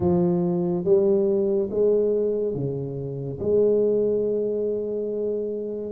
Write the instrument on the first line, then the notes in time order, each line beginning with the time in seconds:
tuba
0.00 F3
0.84 G3
1.70 G#3
2.54 C#3
3.40 G#3